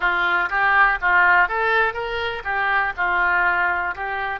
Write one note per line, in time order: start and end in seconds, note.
0.00 0.49 F4
0.49 0.98 G4
1.01 1.48 F4
1.48 1.93 A4
1.93 2.42 A#4
2.44 2.93 G4
2.96 3.95 F4
3.95 4.39 G4